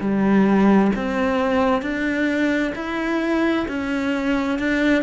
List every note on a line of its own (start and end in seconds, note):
0.00 0.91 G3
0.95 1.81 C4
1.81 2.72 D4
2.75 3.66 E4
3.68 4.58 C#4
4.58 5.02 D4